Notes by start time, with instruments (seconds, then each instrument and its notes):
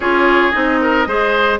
0.00 bassoon C#4, clarinet F4, oboe G#4, flute C#5
0.51 bassoon C4, clarinet D#4, flute D#5
0.81 oboe A#4
1.06 bassoon G#3, clarinet G#4, oboe C5